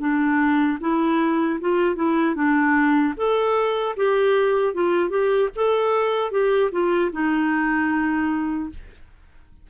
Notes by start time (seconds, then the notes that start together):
0.00 D4
0.81 E4
1.61 F4
1.96 E4
2.35 D4
3.17 A4
3.97 G4
4.74 F4
5.10 G4
5.56 A4
6.32 G4
6.72 F4
7.12 D#4